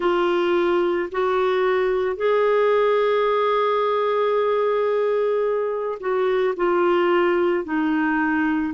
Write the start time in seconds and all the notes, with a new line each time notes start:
0.00 F4
1.12 F#4
2.16 G#4
6.00 F#4
6.56 F4
7.64 D#4